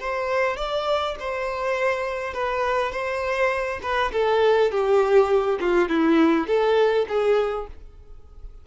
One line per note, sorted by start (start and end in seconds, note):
0.00 0.57 C5
0.57 1.16 D5
1.20 2.34 C5
2.34 2.92 B4
2.92 3.80 C5
3.83 4.12 B4
4.13 4.71 A4
4.71 5.59 G4
5.60 5.89 F4
5.89 6.47 E4
6.47 7.06 A4
7.09 7.67 G#4